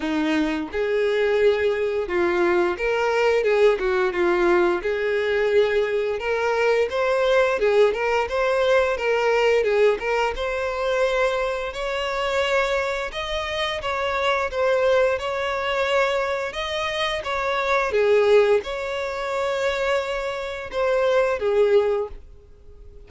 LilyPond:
\new Staff \with { instrumentName = "violin" } { \time 4/4 \tempo 4 = 87 dis'4 gis'2 f'4 | ais'4 gis'8 fis'8 f'4 gis'4~ | gis'4 ais'4 c''4 gis'8 ais'8 | c''4 ais'4 gis'8 ais'8 c''4~ |
c''4 cis''2 dis''4 | cis''4 c''4 cis''2 | dis''4 cis''4 gis'4 cis''4~ | cis''2 c''4 gis'4 | }